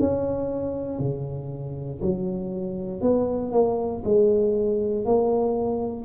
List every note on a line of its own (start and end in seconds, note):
0.00 0.99 C#4
0.99 2.01 C#3
2.02 3.02 F#3
3.02 3.52 B3
3.52 4.03 A#3
4.05 5.06 G#3
5.06 6.06 A#3